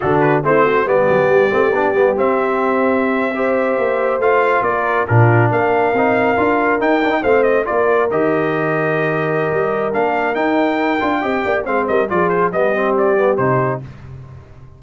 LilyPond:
<<
  \new Staff \with { instrumentName = "trumpet" } { \time 4/4 \tempo 4 = 139 a'8 b'8 c''4 d''2~ | d''4 e''2.~ | e''4.~ e''16 f''4 d''4 ais'16~ | ais'8. f''2. g''16~ |
g''8. f''8 dis''8 d''4 dis''4~ dis''16~ | dis''2. f''4 | g''2. f''8 dis''8 | d''8 c''8 dis''4 d''4 c''4 | }
  \new Staff \with { instrumentName = "horn" } { \time 4/4 fis'4 e'8 fis'8 g'2~ | g'2.~ g'8. c''16~ | c''2~ c''8. ais'4 f'16~ | f'8. ais'2.~ ais'16~ |
ais'8. c''4 ais'2~ ais'16~ | ais'1~ | ais'2 dis''8 d''8 c''8 ais'8 | gis'4 g'2. | }
  \new Staff \with { instrumentName = "trombone" } { \time 4/4 d'4 c'4 b4. c'8 | d'8 b8 c'2~ c'8. g'16~ | g'4.~ g'16 f'2 d'16~ | d'4.~ d'16 dis'4 f'4 dis'16~ |
dis'16 d'16 dis'16 c'4 f'4 g'4~ g'16~ | g'2. d'4 | dis'4. f'8 g'4 c'4 | f'4 b8 c'4 b8 dis'4 | }
  \new Staff \with { instrumentName = "tuba" } { \time 4/4 d4 a4 g8 fis8 g8 a8 | b8 g8 c'2.~ | c'8. ais4 a4 ais4 ais,16~ | ais,8. ais4 c'4 d'4 dis'16~ |
dis'8. a4 ais4 dis4~ dis16~ | dis2 g4 ais4 | dis'4. d'8 c'8 ais8 gis8 g8 | f4 g2 c4 | }
>>